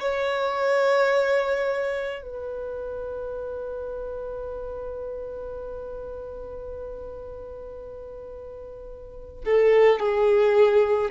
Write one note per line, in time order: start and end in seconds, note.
0.00 2.22 C#5
2.22 9.44 B4
9.45 10.00 A4
10.00 11.11 G#4